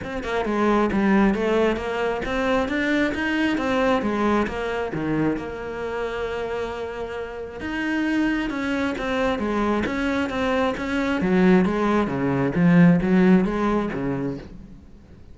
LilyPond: \new Staff \with { instrumentName = "cello" } { \time 4/4 \tempo 4 = 134 c'8 ais8 gis4 g4 a4 | ais4 c'4 d'4 dis'4 | c'4 gis4 ais4 dis4 | ais1~ |
ais4 dis'2 cis'4 | c'4 gis4 cis'4 c'4 | cis'4 fis4 gis4 cis4 | f4 fis4 gis4 cis4 | }